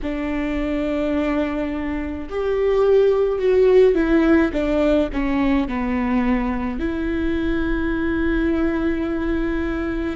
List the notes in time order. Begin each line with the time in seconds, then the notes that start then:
0.02 D4
2.29 G4
3.39 F#4
3.95 E4
4.52 D4
5.13 C#4
5.68 B3
6.79 E4